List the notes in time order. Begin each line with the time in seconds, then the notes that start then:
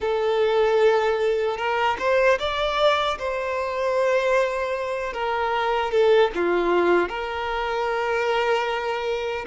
0.00 A4
1.57 A#4
1.98 C5
2.39 D5
3.18 C5
5.13 A#4
5.91 A4
6.34 F4
7.08 A#4